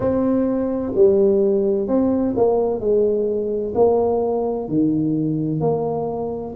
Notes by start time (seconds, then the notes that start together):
0.00 C4
0.95 G3
1.87 C4
2.36 A#3
2.80 G#3
3.75 A#3
4.68 D#3
5.60 A#3